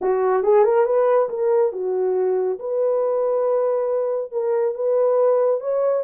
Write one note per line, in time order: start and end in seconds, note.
0.01 0.43 F#4
0.43 0.64 G#4
0.64 0.85 A#4
0.85 1.28 B4
1.29 1.72 A#4
1.72 2.58 F#4
2.59 4.31 B4
4.31 4.74 A#4
4.74 5.60 B4
5.60 6.03 C#5